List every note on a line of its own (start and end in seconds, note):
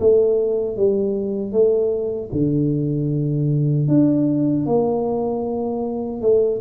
0.00 0.77 A3
0.77 1.52 G3
1.52 2.30 A3
2.33 3.88 D3
3.88 4.66 D4
4.66 6.22 A#3
6.22 6.61 A3